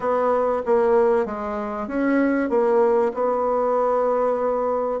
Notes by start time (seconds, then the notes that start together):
0.00 B3
0.65 A#3
1.25 G#3
1.87 C#4
2.49 A#3
3.14 B3